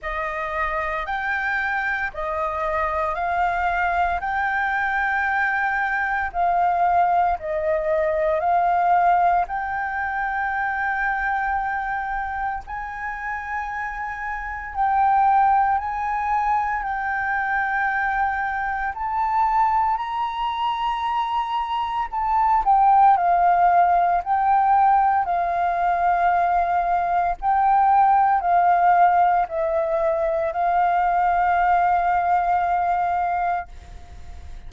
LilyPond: \new Staff \with { instrumentName = "flute" } { \time 4/4 \tempo 4 = 57 dis''4 g''4 dis''4 f''4 | g''2 f''4 dis''4 | f''4 g''2. | gis''2 g''4 gis''4 |
g''2 a''4 ais''4~ | ais''4 a''8 g''8 f''4 g''4 | f''2 g''4 f''4 | e''4 f''2. | }